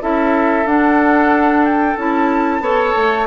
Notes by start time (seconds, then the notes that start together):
0.00 C#4 E4 A4 E5
0.65 D4 F#5
1.64 G5
1.97 C#4 E4 A5
2.60 B3 A4 C#5
2.96 A3